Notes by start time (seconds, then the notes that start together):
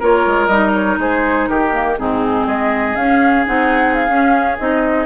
0.00 A#3 F4 A#4 C#5
0.26 G#3
0.47 G3 D#4 D#5
0.74 C#5
0.98 G#3 G#4 C5
1.48 D#3 G4 A#4
1.72 A#3
1.98 G#2 C4 D#4 G#4
2.47 G#3 G#4 D#5
2.96 C#4 F5
3.46 C4 D#4 F#5
3.95 F5
4.09 C#4
4.59 C4 D#4 D#5